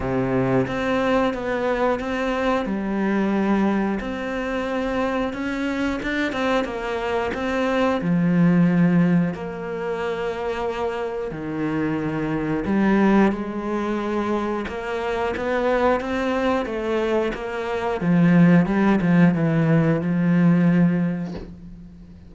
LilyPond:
\new Staff \with { instrumentName = "cello" } { \time 4/4 \tempo 4 = 90 c4 c'4 b4 c'4 | g2 c'2 | cis'4 d'8 c'8 ais4 c'4 | f2 ais2~ |
ais4 dis2 g4 | gis2 ais4 b4 | c'4 a4 ais4 f4 | g8 f8 e4 f2 | }